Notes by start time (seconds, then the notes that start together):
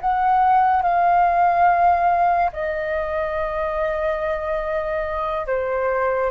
0.00 F#5
0.82 F5
2.52 D#5
5.46 C5